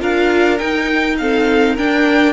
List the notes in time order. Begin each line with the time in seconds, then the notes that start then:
0.00 D4 F4 A#4 F5
0.58 D#4 G5
1.18 C4 A4 F5
1.75 D4 A#4 G5